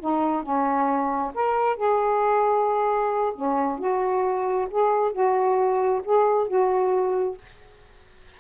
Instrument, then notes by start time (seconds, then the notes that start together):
saxophone
0.00 D#4
0.43 C#4
1.35 A#4
1.77 G#4
3.35 C#4
3.79 F#4
4.71 G#4
5.12 F#4
6.05 G#4
6.48 F#4